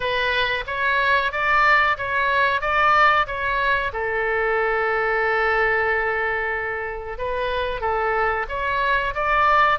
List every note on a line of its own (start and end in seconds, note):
0.00 0.64 B4
0.66 1.32 C#5
1.32 1.97 D5
1.97 2.61 C#5
2.61 3.26 D5
3.26 3.92 C#5
3.92 7.17 A4
7.17 7.80 B4
7.80 8.45 A4
8.48 9.14 C#5
9.14 9.79 D5